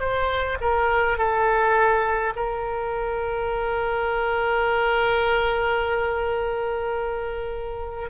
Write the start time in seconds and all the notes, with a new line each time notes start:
0.00 C5
0.61 A#4
1.19 A4
2.36 A#4